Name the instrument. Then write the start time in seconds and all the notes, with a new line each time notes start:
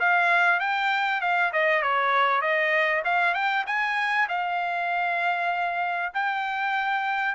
trumpet
0.00 F5
0.60 G5
1.21 F5
1.53 D#5
1.83 C#5
2.42 D#5
3.05 F5
3.35 G5
3.67 G#5
4.29 F5
6.14 G5